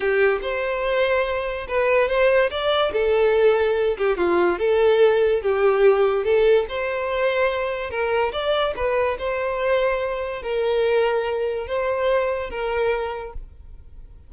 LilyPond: \new Staff \with { instrumentName = "violin" } { \time 4/4 \tempo 4 = 144 g'4 c''2. | b'4 c''4 d''4 a'4~ | a'4. g'8 f'4 a'4~ | a'4 g'2 a'4 |
c''2. ais'4 | d''4 b'4 c''2~ | c''4 ais'2. | c''2 ais'2 | }